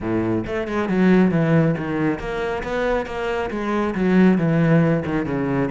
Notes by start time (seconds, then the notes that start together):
0.01 A2
0.46 A3
0.67 G#3
0.88 F#3
1.31 E3
1.77 D#3
2.19 A#3
2.63 B3
3.06 A#3
3.50 G#3
3.95 F#3
4.38 E3
5.05 D#3
5.25 C#3